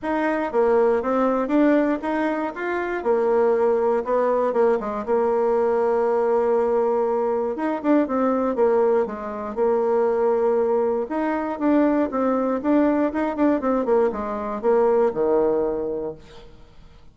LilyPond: \new Staff \with { instrumentName = "bassoon" } { \time 4/4 \tempo 4 = 119 dis'4 ais4 c'4 d'4 | dis'4 f'4 ais2 | b4 ais8 gis8 ais2~ | ais2. dis'8 d'8 |
c'4 ais4 gis4 ais4~ | ais2 dis'4 d'4 | c'4 d'4 dis'8 d'8 c'8 ais8 | gis4 ais4 dis2 | }